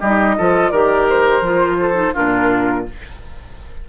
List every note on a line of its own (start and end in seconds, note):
0.00 0.36 G3
0.00 0.38 D#4
0.00 0.35 G4
0.00 0.71 D#5
0.37 0.71 F3
0.37 0.73 F4
0.37 0.71 A4
0.71 1.41 D#3
0.71 1.43 G4
0.71 1.77 A#4
0.71 1.06 D5
1.09 2.15 C5
1.41 2.12 F3
1.41 1.93 F4
1.80 2.13 A4
1.93 2.11 D#4
2.13 2.88 A#2
2.13 2.85 D4
2.13 2.84 F4
2.13 2.86 A#4